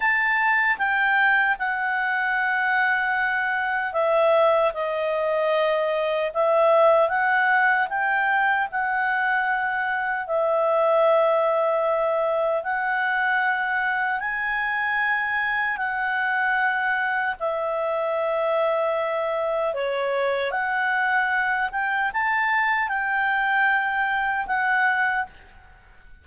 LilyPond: \new Staff \with { instrumentName = "clarinet" } { \time 4/4 \tempo 4 = 76 a''4 g''4 fis''2~ | fis''4 e''4 dis''2 | e''4 fis''4 g''4 fis''4~ | fis''4 e''2. |
fis''2 gis''2 | fis''2 e''2~ | e''4 cis''4 fis''4. g''8 | a''4 g''2 fis''4 | }